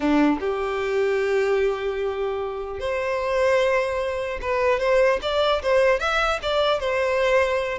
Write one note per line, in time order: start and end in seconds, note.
0.00 0.38 D4
0.40 2.79 G4
2.79 4.39 C5
4.41 4.79 B4
4.79 5.19 C5
5.21 5.61 D5
5.62 5.99 C5
5.99 6.39 E5
6.42 6.80 D5
6.80 7.78 C5